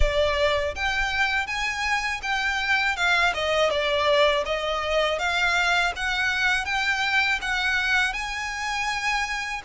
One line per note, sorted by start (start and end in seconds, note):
0.00 0.74 D5
0.75 1.46 G5
1.46 2.20 G#5
2.22 2.96 G5
2.96 3.33 F5
3.34 3.70 D#5
3.70 4.44 D5
4.45 5.18 D#5
5.18 5.92 F5
5.96 6.65 F#5
6.65 7.39 G5
7.41 8.13 F#5
8.13 9.61 G#5